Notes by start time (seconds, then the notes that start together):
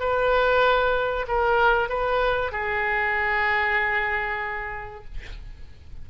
0.00 B4
1.28 A#4
1.89 B4
2.52 G#4